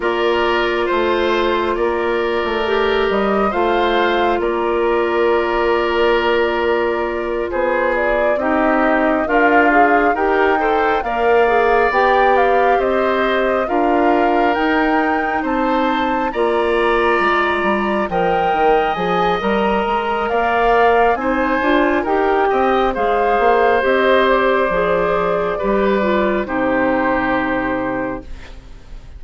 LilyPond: <<
  \new Staff \with { instrumentName = "flute" } { \time 4/4 \tempo 4 = 68 d''4 c''4 d''4. dis''8 | f''4 d''2.~ | d''8 c''8 d''8 dis''4 f''4 g''8~ | g''8 f''4 g''8 f''8 dis''4 f''8~ |
f''8 g''4 a''4 ais''4.~ | ais''8 g''4 gis''8 ais''4 f''4 | gis''4 g''4 f''4 dis''8 d''8~ | d''2 c''2 | }
  \new Staff \with { instrumentName = "oboe" } { \time 4/4 ais'4 c''4 ais'2 | c''4 ais'2.~ | ais'8 gis'4 g'4 f'4 ais'8 | c''8 d''2 c''4 ais'8~ |
ais'4. c''4 d''4.~ | d''8 dis''2~ dis''8 d''4 | c''4 ais'8 dis''8 c''2~ | c''4 b'4 g'2 | }
  \new Staff \with { instrumentName = "clarinet" } { \time 4/4 f'2. g'4 | f'1~ | f'4. dis'4 ais'8 gis'8 g'8 | a'8 ais'8 gis'8 g'2 f'8~ |
f'8 dis'2 f'4.~ | f'8 ais'4 gis'8 ais'2 | dis'8 f'8 g'4 gis'4 g'4 | gis'4 g'8 f'8 dis'2 | }
  \new Staff \with { instrumentName = "bassoon" } { \time 4/4 ais4 a4 ais8. a8. g8 | a4 ais2.~ | ais8 b4 c'4 d'4 dis'8~ | dis'8 ais4 b4 c'4 d'8~ |
d'8 dis'4 c'4 ais4 gis8 | g8 f8 dis8 f8 g8 gis8 ais4 | c'8 d'8 dis'8 c'8 gis8 ais8 c'4 | f4 g4 c2 | }
>>